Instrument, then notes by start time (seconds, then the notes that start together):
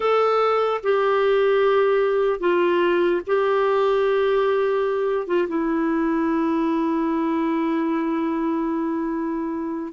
clarinet
0.00 A4
0.83 G4
2.40 F4
3.27 G4
5.27 F4
5.47 E4